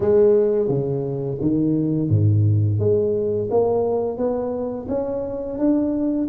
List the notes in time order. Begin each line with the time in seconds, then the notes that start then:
0.00 G#3
0.68 C#3
1.40 D#3
2.09 G#2
2.79 G#3
3.50 A#3
4.17 B3
4.88 C#4
5.58 D4